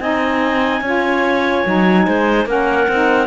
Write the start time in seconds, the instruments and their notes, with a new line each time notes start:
0.00 cello C4, saxophone D#4, clarinet D#5 G#5
0.81 cello C#4, saxophone F4, clarinet C#5
1.65 cello F#3, saxophone D#4
2.06 cello G#3, clarinet C5
2.46 cello A#3, saxophone C#4, clarinet A#4 F#5
2.88 cello C4, saxophone D#4